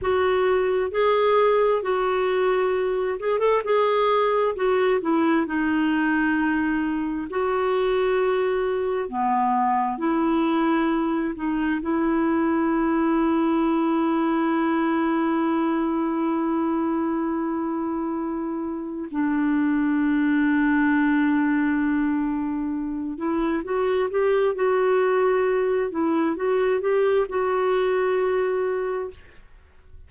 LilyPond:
\new Staff \with { instrumentName = "clarinet" } { \time 4/4 \tempo 4 = 66 fis'4 gis'4 fis'4. gis'16 a'16 | gis'4 fis'8 e'8 dis'2 | fis'2 b4 e'4~ | e'8 dis'8 e'2.~ |
e'1~ | e'4 d'2.~ | d'4. e'8 fis'8 g'8 fis'4~ | fis'8 e'8 fis'8 g'8 fis'2 | }